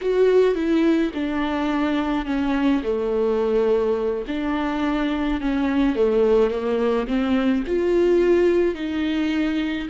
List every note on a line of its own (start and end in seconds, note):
0.01 0.55 F#4
0.55 1.11 E4
1.14 2.25 D4
2.25 2.82 C#4
2.83 4.25 A3
4.27 5.41 D4
5.41 5.95 C#4
5.95 6.50 A3
6.50 7.07 A#3
7.07 7.63 C4
7.66 8.75 F4
8.75 9.88 D#4